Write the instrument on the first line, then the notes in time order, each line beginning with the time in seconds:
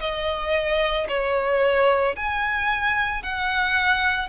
violin
0.00 D#5
1.08 C#5
2.16 G#5
3.23 F#5